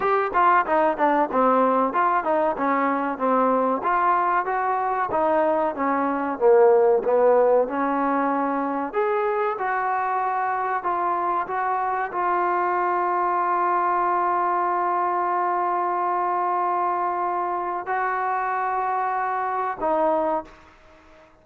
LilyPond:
\new Staff \with { instrumentName = "trombone" } { \time 4/4 \tempo 4 = 94 g'8 f'8 dis'8 d'8 c'4 f'8 dis'8 | cis'4 c'4 f'4 fis'4 | dis'4 cis'4 ais4 b4 | cis'2 gis'4 fis'4~ |
fis'4 f'4 fis'4 f'4~ | f'1~ | f'1 | fis'2. dis'4 | }